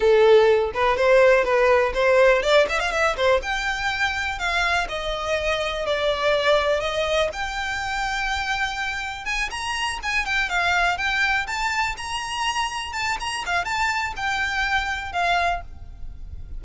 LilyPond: \new Staff \with { instrumentName = "violin" } { \time 4/4 \tempo 4 = 123 a'4. b'8 c''4 b'4 | c''4 d''8 e''16 f''16 e''8 c''8 g''4~ | g''4 f''4 dis''2 | d''2 dis''4 g''4~ |
g''2. gis''8 ais''8~ | ais''8 gis''8 g''8 f''4 g''4 a''8~ | a''8 ais''2 a''8 ais''8 f''8 | a''4 g''2 f''4 | }